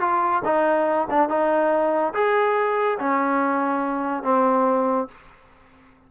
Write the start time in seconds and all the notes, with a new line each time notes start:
0.00 F4
0.44 D#4
1.10 D4
1.29 D#4
2.13 G#4
2.99 C#4
4.23 C4